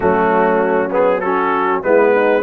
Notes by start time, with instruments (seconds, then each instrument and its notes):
0.00 tuba F#3, trombone A3, horn C#4, trumpet F#4
0.91 trombone B3, trumpet G#4
1.20 trombone C#4, horn F#4, trumpet A4
1.82 tuba G#3, trombone B3, horn E4, trumpet B4
2.13 horn D#4